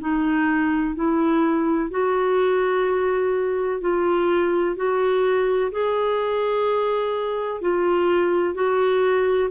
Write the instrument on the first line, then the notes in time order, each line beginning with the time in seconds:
clarinet
0.00 D#4
0.95 E4
1.90 F#4
3.81 F4
4.76 F#4
5.71 G#4
7.61 F4
8.54 F#4